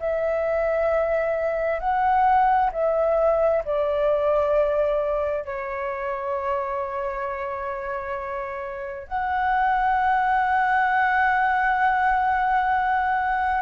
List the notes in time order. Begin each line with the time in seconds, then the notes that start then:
0.00 E5
1.80 F#5
2.73 E5
3.65 D5
5.45 C#5
9.08 F#5